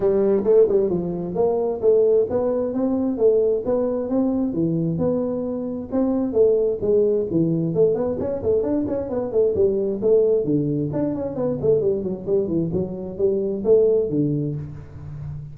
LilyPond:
\new Staff \with { instrumentName = "tuba" } { \time 4/4 \tempo 4 = 132 g4 a8 g8 f4 ais4 | a4 b4 c'4 a4 | b4 c'4 e4 b4~ | b4 c'4 a4 gis4 |
e4 a8 b8 cis'8 a8 d'8 cis'8 | b8 a8 g4 a4 d4 | d'8 cis'8 b8 a8 g8 fis8 g8 e8 | fis4 g4 a4 d4 | }